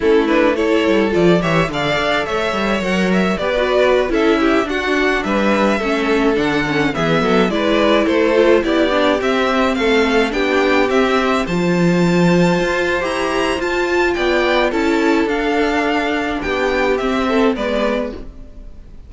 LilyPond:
<<
  \new Staff \with { instrumentName = "violin" } { \time 4/4 \tempo 4 = 106 a'8 b'8 cis''4 d''8 e''8 f''4 | e''4 fis''8 e''8 d''4~ d''16 e''8.~ | e''16 fis''4 e''2 fis''8.~ | fis''16 e''4 d''4 c''4 d''8.~ |
d''16 e''4 f''4 g''4 e''8.~ | e''16 a''2~ a''8. ais''4 | a''4 g''4 a''4 f''4~ | f''4 g''4 e''4 d''4 | }
  \new Staff \with { instrumentName = "violin" } { \time 4/4 e'4 a'4. cis''8 d''4 | cis''2 b'4~ b'16 a'8 g'16~ | g'16 fis'4 b'4 a'4.~ a'16~ | a'16 gis'8 a'8 b'4 a'4 g'8.~ |
g'4~ g'16 a'4 g'4.~ g'16~ | g'16 c''2.~ c''8.~ | c''4 d''4 a'2~ | a'4 g'4. a'8 b'4 | }
  \new Staff \with { instrumentName = "viola" } { \time 4/4 cis'8 d'8 e'4 f'8 g'8 a'4~ | a'4 ais'4 g'16 fis'4 e'8.~ | e'16 d'2 cis'4 d'8 cis'16~ | cis'16 b4 e'4. f'8 e'8 d'16~ |
d'16 c'2 d'4 c'8.~ | c'16 f'2~ f'8. g'4 | f'2 e'4 d'4~ | d'2 c'4 b4 | }
  \new Staff \with { instrumentName = "cello" } { \time 4/4 a4. g8 f8 e8 d8 d'8 | a8 g8 fis4 b4~ b16 cis'8.~ | cis'16 d'4 g4 a4 d8.~ | d16 e8 fis8 gis4 a4 b8.~ |
b16 c'4 a4 b4 c'8.~ | c'16 f2 f'8. e'4 | f'4 b4 cis'4 d'4~ | d'4 b4 c'4 gis4 | }
>>